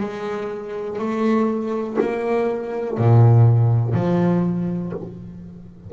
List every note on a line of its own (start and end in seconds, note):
0.00 0.98 G#3
0.98 1.97 A3
2.00 2.97 A#3
2.97 3.93 A#2
3.93 4.92 F3